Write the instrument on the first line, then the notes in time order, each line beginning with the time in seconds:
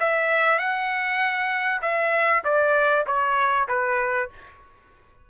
trumpet
0.00 E5
0.59 F#5
1.82 E5
2.45 D5
3.07 C#5
3.68 B4